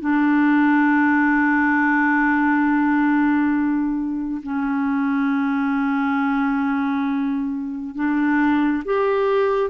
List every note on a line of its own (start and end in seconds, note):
0.00 4.41 D4
4.42 7.95 C#4
7.95 8.83 D4
8.84 9.70 G4